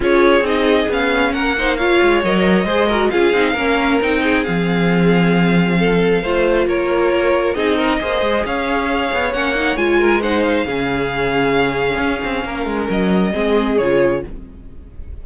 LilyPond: <<
  \new Staff \with { instrumentName = "violin" } { \time 4/4 \tempo 4 = 135 cis''4 dis''4 f''4 fis''4 | f''4 dis''2 f''4~ | f''4 g''4 f''2~ | f''2. cis''4~ |
cis''4 dis''2 f''4~ | f''4 fis''4 gis''4 fis''8 f''8~ | f''1~ | f''4 dis''2 cis''4 | }
  \new Staff \with { instrumentName = "violin" } { \time 4/4 gis'2. ais'8 c''8 | cis''2 c''8 ais'8 gis'4 | ais'4. gis'2~ gis'8~ | gis'4 a'4 c''4 ais'4~ |
ais'4 gis'8 ais'8 c''4 cis''4~ | cis''2~ cis''8 ais'8 c''4 | gis'1 | ais'2 gis'2 | }
  \new Staff \with { instrumentName = "viola" } { \time 4/4 f'4 dis'4 cis'4. dis'8 | f'4 ais'4 gis'8 fis'8 f'8 dis'8 | cis'4 dis'4 c'2~ | c'2 f'2~ |
f'4 dis'4 gis'2~ | gis'4 cis'8 dis'8 f'4 dis'4 | cis'1~ | cis'2 c'4 f'4 | }
  \new Staff \with { instrumentName = "cello" } { \time 4/4 cis'4 c'4 b4 ais4~ | ais8 gis8 fis4 gis4 cis'8 c'8 | ais4 c'4 f2~ | f2 a4 ais4~ |
ais4 c'4 ais8 gis8 cis'4~ | cis'8 b8 ais4 gis2 | cis2. cis'8 c'8 | ais8 gis8 fis4 gis4 cis4 | }
>>